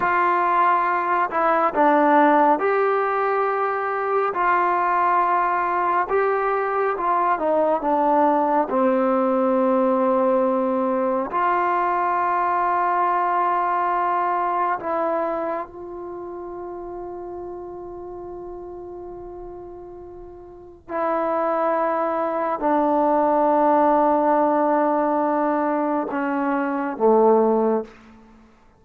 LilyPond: \new Staff \with { instrumentName = "trombone" } { \time 4/4 \tempo 4 = 69 f'4. e'8 d'4 g'4~ | g'4 f'2 g'4 | f'8 dis'8 d'4 c'2~ | c'4 f'2.~ |
f'4 e'4 f'2~ | f'1 | e'2 d'2~ | d'2 cis'4 a4 | }